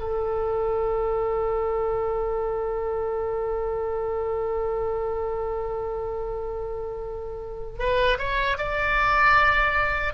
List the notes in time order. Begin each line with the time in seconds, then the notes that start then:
0.00 A4
7.79 B4
8.19 C#5
8.58 D5